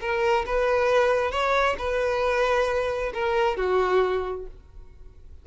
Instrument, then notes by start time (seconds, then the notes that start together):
violin
0.00 A#4
0.46 B4
1.31 C#5
1.78 B4
3.13 A#4
3.57 F#4